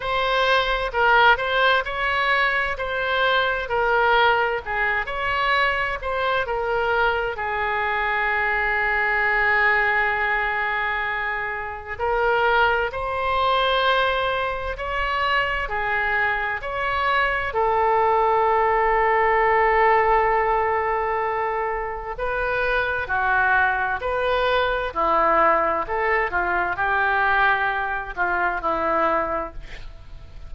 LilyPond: \new Staff \with { instrumentName = "oboe" } { \time 4/4 \tempo 4 = 65 c''4 ais'8 c''8 cis''4 c''4 | ais'4 gis'8 cis''4 c''8 ais'4 | gis'1~ | gis'4 ais'4 c''2 |
cis''4 gis'4 cis''4 a'4~ | a'1 | b'4 fis'4 b'4 e'4 | a'8 f'8 g'4. f'8 e'4 | }